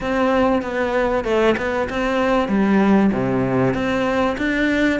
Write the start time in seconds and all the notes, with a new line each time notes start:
0.00 C4
0.61 B3
1.24 A3
1.57 B3
1.89 C4
2.48 G3
3.12 C3
3.74 C4
4.38 D4